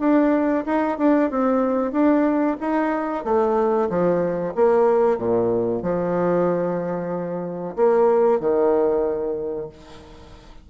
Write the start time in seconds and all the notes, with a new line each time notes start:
0.00 D4
0.66 D#4
0.98 D4
1.31 C4
1.92 D4
2.61 D#4
3.25 A3
3.90 F3
4.55 A#3
5.18 A#2
5.82 F3
7.76 A#3
8.40 D#3